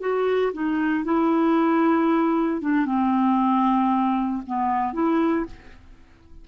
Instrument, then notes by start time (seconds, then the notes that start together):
clarinet
0.00 F#4
0.53 D#4
1.04 E4
2.61 D4
2.85 C4
4.46 B3
4.93 E4